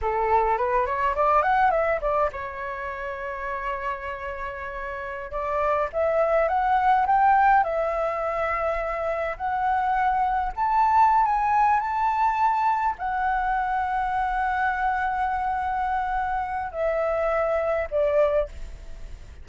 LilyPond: \new Staff \with { instrumentName = "flute" } { \time 4/4 \tempo 4 = 104 a'4 b'8 cis''8 d''8 fis''8 e''8 d''8 | cis''1~ | cis''4~ cis''16 d''4 e''4 fis''8.~ | fis''16 g''4 e''2~ e''8.~ |
e''16 fis''2 a''4~ a''16 gis''8~ | gis''8 a''2 fis''4.~ | fis''1~ | fis''4 e''2 d''4 | }